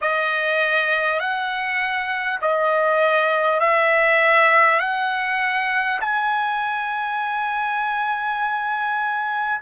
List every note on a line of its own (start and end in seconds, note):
0.01 1.19 D#5
1.19 2.39 F#5
2.41 3.60 D#5
3.60 4.79 E5
4.79 5.99 F#5
6.00 9.60 G#5